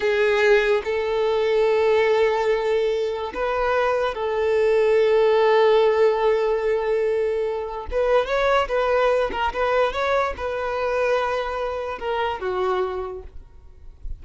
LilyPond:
\new Staff \with { instrumentName = "violin" } { \time 4/4 \tempo 4 = 145 gis'2 a'2~ | a'1 | b'2 a'2~ | a'1~ |
a'2. b'4 | cis''4 b'4. ais'8 b'4 | cis''4 b'2.~ | b'4 ais'4 fis'2 | }